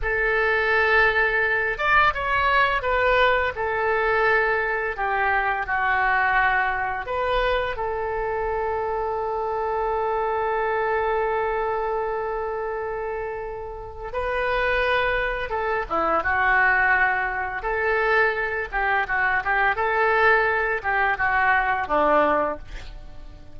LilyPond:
\new Staff \with { instrumentName = "oboe" } { \time 4/4 \tempo 4 = 85 a'2~ a'8 d''8 cis''4 | b'4 a'2 g'4 | fis'2 b'4 a'4~ | a'1~ |
a'1 | b'2 a'8 e'8 fis'4~ | fis'4 a'4. g'8 fis'8 g'8 | a'4. g'8 fis'4 d'4 | }